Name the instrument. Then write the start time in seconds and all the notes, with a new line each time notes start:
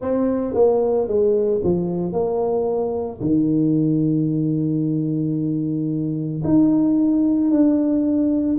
tuba
0.01 C4
0.54 A#3
1.07 G#3
1.64 F3
2.12 A#3
3.20 D#3
6.43 D#4
7.50 D4